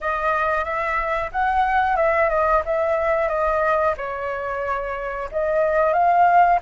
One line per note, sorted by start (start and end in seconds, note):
0.00 0.64 D#5
0.64 1.30 E5
1.32 1.96 F#5
1.96 2.29 E5
2.29 2.62 D#5
2.65 3.28 E5
3.28 3.94 D#5
3.97 5.29 C#5
5.31 5.93 D#5
5.93 6.59 F5